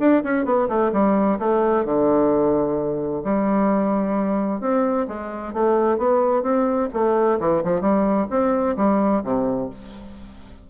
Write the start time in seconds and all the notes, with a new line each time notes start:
0.00 D4
0.24 C#4
0.46 B3
0.69 A3
0.93 G3
1.40 A3
1.85 D3
3.25 G3
4.61 C4
5.08 G#3
5.54 A3
5.98 B3
6.43 C4
6.94 A3
7.40 E3
7.64 F3
7.81 G3
8.31 C4
8.77 G3
9.24 C3